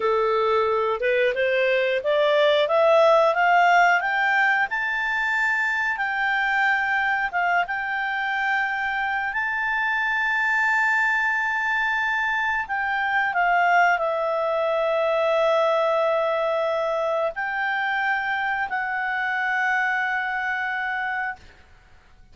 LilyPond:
\new Staff \with { instrumentName = "clarinet" } { \time 4/4 \tempo 4 = 90 a'4. b'8 c''4 d''4 | e''4 f''4 g''4 a''4~ | a''4 g''2 f''8 g''8~ | g''2 a''2~ |
a''2. g''4 | f''4 e''2.~ | e''2 g''2 | fis''1 | }